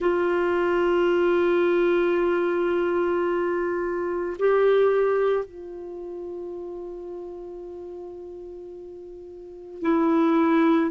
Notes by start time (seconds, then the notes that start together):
0.00 F4
4.38 G4
5.45 F4
9.81 E4